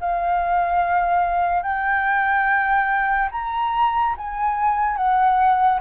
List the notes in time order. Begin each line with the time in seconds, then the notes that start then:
0.00 F5
1.62 G5
3.31 A#5
4.17 G#5
4.96 F#5